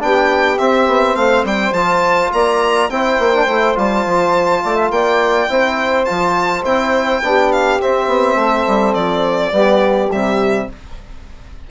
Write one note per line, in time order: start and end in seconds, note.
0.00 0.60 B3
0.00 0.58 D4
0.00 1.16 G4
0.00 0.58 G5
0.58 1.75 C4
0.58 0.87 C4
0.58 1.16 E5
0.87 1.15 B3
1.15 1.44 A3
1.15 2.31 C5
1.15 1.45 F5
1.44 1.72 G3
1.44 1.74 G5
1.72 2.30 F3
1.72 2.91 F4
1.72 2.31 A5
2.33 2.90 A#3
2.33 2.91 D5
2.33 2.90 A#5
2.90 3.19 C4
2.90 3.34 E4
2.90 4.63 C5
2.90 3.77 G5
3.19 3.47 A#3
3.34 3.48 D4
3.47 3.76 A3
3.47 3.76 E4
3.76 4.06 G3
3.76 5.49 F4
3.76 4.91 A5
4.06 4.64 F3
4.63 4.91 A3
4.63 4.76 D5
4.76 4.91 E5
4.91 5.48 A#3
4.91 5.50 D5
4.91 6.05 G5
5.49 6.07 C4
5.49 6.06 E4
5.49 7.23 C5
6.05 6.65 F3
6.05 6.64 F4
6.05 6.63 A5
6.65 7.22 C4
6.65 7.23 E4
6.65 7.52 G5
7.22 7.80 B3
7.22 7.81 D4
7.22 8.38 G4
7.52 7.81 F5
7.81 9.52 C4
7.81 8.07 C4
7.81 8.94 E5
8.07 8.36 B3
8.36 8.65 A3
8.36 9.52 A4
8.67 8.95 G3
8.94 9.52 F3
8.94 10.10 D5
9.52 10.10 G3
9.52 10.10 B3
9.52 10.68 G4
10.12 10.71 C3
10.12 10.70 G3
10.12 10.70 E5